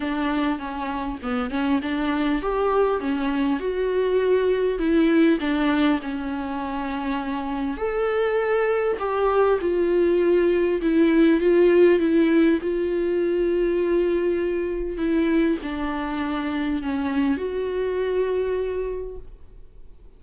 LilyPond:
\new Staff \with { instrumentName = "viola" } { \time 4/4 \tempo 4 = 100 d'4 cis'4 b8 cis'8 d'4 | g'4 cis'4 fis'2 | e'4 d'4 cis'2~ | cis'4 a'2 g'4 |
f'2 e'4 f'4 | e'4 f'2.~ | f'4 e'4 d'2 | cis'4 fis'2. | }